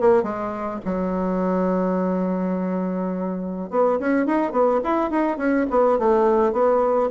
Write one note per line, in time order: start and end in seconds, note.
0.00 0.23 A#3
0.23 0.80 G#3
0.85 3.70 F#3
3.70 3.99 B3
3.99 4.26 C#4
4.26 4.51 D#4
4.51 4.80 B3
4.83 5.10 E4
5.10 5.37 D#4
5.37 5.66 C#4
5.70 5.98 B3
5.98 6.52 A3
6.52 7.10 B3